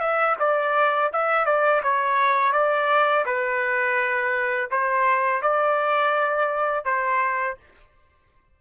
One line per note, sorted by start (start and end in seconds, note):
0.00 0.36 E5
0.39 1.11 D5
1.13 1.46 E5
1.46 1.82 D5
1.83 2.53 C#5
2.53 3.25 D5
3.26 4.70 B4
4.71 5.42 C5
5.42 6.85 D5
6.85 7.57 C5